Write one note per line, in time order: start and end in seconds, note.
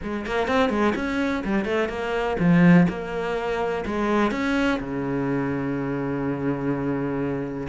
0.02 0.26 G#3
0.26 0.47 A#3
0.47 0.69 C4
0.69 0.93 G#3
0.95 1.43 C#4
1.44 1.64 G3
1.64 1.88 A3
1.88 2.36 A#3
2.39 2.87 F3
2.88 3.84 A#3
3.85 4.31 G#3
4.31 4.79 C#4
4.79 7.67 C#3